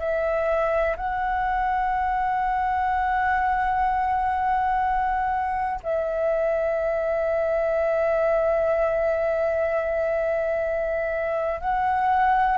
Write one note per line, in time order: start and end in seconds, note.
0.00 0.97 E5
0.97 5.81 F#5
5.83 11.61 E5
11.61 12.58 F#5